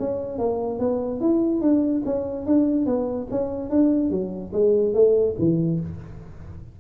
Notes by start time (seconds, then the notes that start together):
0.00 C#4
0.39 A#3
0.80 B3
1.21 E4
1.62 D4
2.06 C#4
2.47 D4
2.87 B3
3.31 C#4
3.71 D4
4.11 F#3
4.53 G#3
4.94 A3
5.39 E3